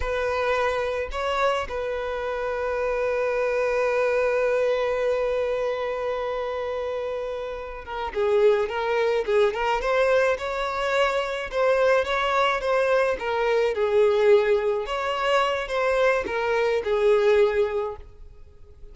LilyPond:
\new Staff \with { instrumentName = "violin" } { \time 4/4 \tempo 4 = 107 b'2 cis''4 b'4~ | b'1~ | b'1~ | b'2 ais'8 gis'4 ais'8~ |
ais'8 gis'8 ais'8 c''4 cis''4.~ | cis''8 c''4 cis''4 c''4 ais'8~ | ais'8 gis'2 cis''4. | c''4 ais'4 gis'2 | }